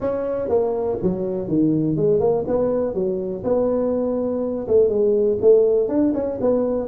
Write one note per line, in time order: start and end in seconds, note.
0.00 0.48 C#4
0.48 0.97 A#3
1.02 1.48 F#3
1.48 1.96 D#3
1.96 2.20 G#3
2.20 2.44 A#3
2.47 2.94 B3
2.94 3.43 F#3
3.44 4.67 B3
4.67 4.88 A3
4.88 5.38 G#3
5.41 5.88 A3
5.88 6.12 D4
6.14 6.38 C#4
6.40 6.88 B3